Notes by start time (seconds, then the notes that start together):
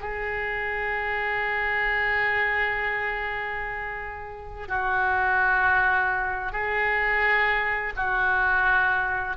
0.00 G#4
4.68 F#4
6.52 G#4
7.96 F#4